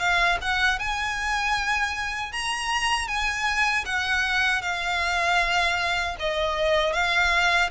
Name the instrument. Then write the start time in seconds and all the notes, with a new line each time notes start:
violin
0.00 F5
0.42 F#5
0.79 G#5
2.33 A#5
3.08 G#5
3.86 F#5
4.63 F5
6.20 D#5
6.94 F5